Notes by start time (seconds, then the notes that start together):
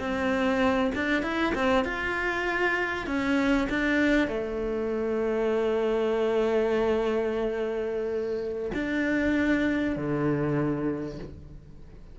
0.00 C4
0.95 D4
1.23 E4
1.55 C4
1.85 F4
3.07 C#4
3.70 D4
4.28 A3
8.74 D4
9.97 D3